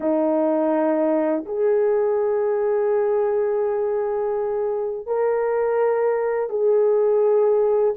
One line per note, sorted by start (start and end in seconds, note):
0.00 1.45 D#4
1.45 5.06 G#4
5.06 6.49 A#4
6.49 7.94 G#4